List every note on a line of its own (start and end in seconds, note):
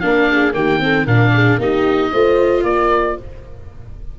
0.00 0.54 A#3
0.00 0.53 D4
0.00 0.30 A#4
0.00 0.53 F5
0.31 0.55 G#4
0.53 1.06 D#3
0.53 0.79 A#3
0.53 0.82 G4
0.53 1.07 G5
0.79 1.05 C4
0.79 1.05 A4
1.05 1.58 A#2
1.05 1.60 D4
1.05 1.32 A#4
1.05 1.60 F5
1.34 1.59 G#4
1.58 2.11 A#3
1.58 2.13 D#4
1.58 2.12 G4
1.58 2.64 D#5
2.12 2.63 A3
2.12 3.19 F4
2.12 2.65 C5
2.63 3.16 A#3
2.63 3.19 A#4
2.63 3.17 D5